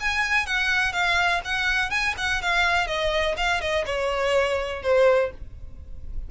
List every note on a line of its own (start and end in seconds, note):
0.00 0.46 G#5
0.46 0.92 F#5
0.92 1.41 F5
1.44 1.90 F#5
1.90 2.14 G#5
2.17 2.41 F#5
2.41 2.87 F5
2.87 3.35 D#5
3.37 3.60 F5
3.60 3.85 D#5
3.85 4.82 C#5
4.82 5.31 C5